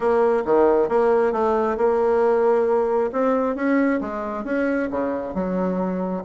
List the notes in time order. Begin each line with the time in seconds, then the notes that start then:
0.00 A#3
0.45 D#3
0.88 A#3
1.32 A3
1.77 A#3
3.12 C4
3.55 C#4
4.00 G#3
4.44 C#4
4.90 C#3
5.34 F#3